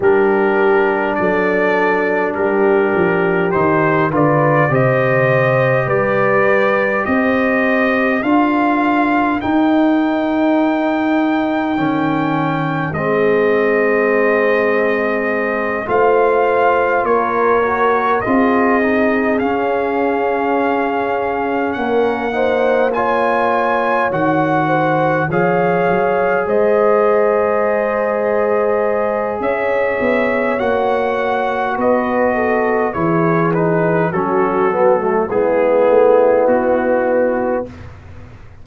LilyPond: <<
  \new Staff \with { instrumentName = "trumpet" } { \time 4/4 \tempo 4 = 51 ais'4 d''4 ais'4 c''8 d''8 | dis''4 d''4 dis''4 f''4 | g''2. dis''4~ | dis''4. f''4 cis''4 dis''8~ |
dis''8 f''2 fis''4 gis''8~ | gis''8 fis''4 f''4 dis''4.~ | dis''4 e''4 fis''4 dis''4 | cis''8 b'8 a'4 gis'4 fis'4 | }
  \new Staff \with { instrumentName = "horn" } { \time 4/4 g'4 a'4 g'4. b'8 | c''4 b'4 c''4 ais'4~ | ais'2. gis'4~ | gis'4. c''4 ais'4 gis'8~ |
gis'2~ gis'8 ais'8 c''8 cis''8~ | cis''4 c''8 cis''4 c''4.~ | c''4 cis''2 b'8 a'8 | gis'4 fis'4 e'2 | }
  \new Staff \with { instrumentName = "trombone" } { \time 4/4 d'2. dis'8 f'8 | g'2. f'4 | dis'2 cis'4 c'4~ | c'4. f'4. fis'8 f'8 |
dis'8 cis'2~ cis'8 dis'8 f'8~ | f'8 fis'4 gis'2~ gis'8~ | gis'2 fis'2 | e'8 dis'8 cis'8 b16 a16 b2 | }
  \new Staff \with { instrumentName = "tuba" } { \time 4/4 g4 fis4 g8 f8 dis8 d8 | c4 g4 c'4 d'4 | dis'2 dis4 gis4~ | gis4. a4 ais4 c'8~ |
c'8 cis'2 ais4.~ | ais8 dis4 f8 fis8 gis4.~ | gis4 cis'8 b8 ais4 b4 | e4 fis4 gis8 a8 b4 | }
>>